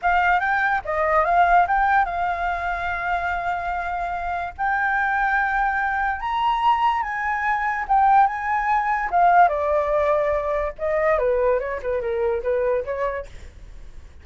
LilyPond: \new Staff \with { instrumentName = "flute" } { \time 4/4 \tempo 4 = 145 f''4 g''4 dis''4 f''4 | g''4 f''2.~ | f''2. g''4~ | g''2. ais''4~ |
ais''4 gis''2 g''4 | gis''2 f''4 d''4~ | d''2 dis''4 b'4 | cis''8 b'8 ais'4 b'4 cis''4 | }